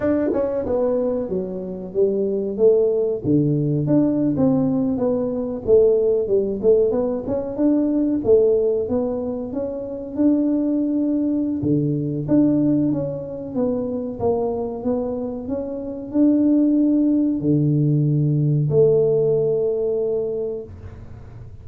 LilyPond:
\new Staff \with { instrumentName = "tuba" } { \time 4/4 \tempo 4 = 93 d'8 cis'8 b4 fis4 g4 | a4 d4 d'8. c'4 b16~ | b8. a4 g8 a8 b8 cis'8 d'16~ | d'8. a4 b4 cis'4 d'16~ |
d'2 d4 d'4 | cis'4 b4 ais4 b4 | cis'4 d'2 d4~ | d4 a2. | }